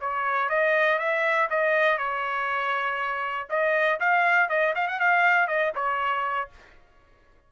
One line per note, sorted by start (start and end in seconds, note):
0.00 0.49 C#5
0.49 0.99 D#5
0.99 1.49 E5
1.50 1.98 D#5
1.98 3.48 C#5
3.49 3.99 D#5
4.00 4.49 F5
4.49 4.74 D#5
4.75 4.87 F5
4.87 4.99 F#5
4.99 5.47 F5
5.47 5.72 D#5
5.75 6.50 C#5